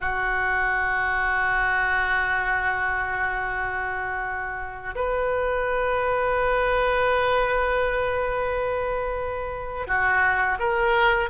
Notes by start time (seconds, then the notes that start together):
0.00 F#4
4.95 B4
9.87 F#4
10.59 A#4